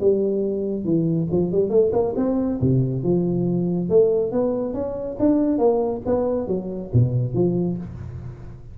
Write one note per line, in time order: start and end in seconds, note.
0.00 0.84 G3
0.84 1.27 E3
1.31 1.51 F3
1.51 1.70 G3
1.70 1.91 A3
1.92 2.14 A#3
2.16 2.59 C4
2.61 3.03 C3
3.03 3.89 F3
3.89 4.31 A3
4.31 4.73 B3
4.73 5.17 C#4
5.19 5.58 D4
5.58 6.01 A#3
6.06 6.47 B3
6.47 6.90 F#3
6.93 7.34 B2
7.34 7.77 F3